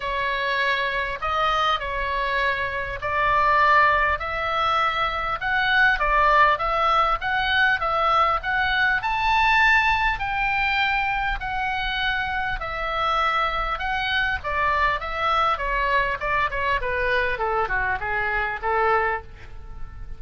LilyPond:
\new Staff \with { instrumentName = "oboe" } { \time 4/4 \tempo 4 = 100 cis''2 dis''4 cis''4~ | cis''4 d''2 e''4~ | e''4 fis''4 d''4 e''4 | fis''4 e''4 fis''4 a''4~ |
a''4 g''2 fis''4~ | fis''4 e''2 fis''4 | d''4 e''4 cis''4 d''8 cis''8 | b'4 a'8 fis'8 gis'4 a'4 | }